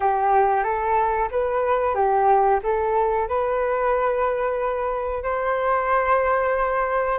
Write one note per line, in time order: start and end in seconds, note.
0.00 0.63 G4
0.63 1.28 A4
1.31 1.94 B4
1.94 2.59 G4
2.63 3.28 A4
3.28 5.23 B4
5.23 7.18 C5